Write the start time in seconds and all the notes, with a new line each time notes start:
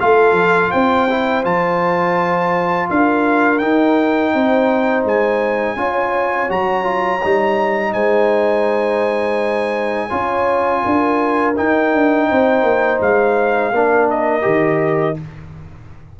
0.00 A3 F4 A4 F5
0.32 F3
0.71 C4 C5 G5
1.10 E4
1.44 F3 F4 A5
2.89 D4 A#4 F5
3.59 D#4 G5
4.34 C4 C5
5.05 G#3 G#5
5.76 C#4 F4 C#5
6.49 F#3 F#4 A#5
6.83 F4
7.24 G3 D#4
7.93 G#3 C5 G#5
10.09 C#4 F4 C#5
10.84 D4 A#4
11.57 D#4 G5
11.94 D4
12.28 C4 C5
12.63 A#3
13.01 G#3 F5
13.72 A#3 D4 A#4
14.10 D#5
14.42 D#3 G4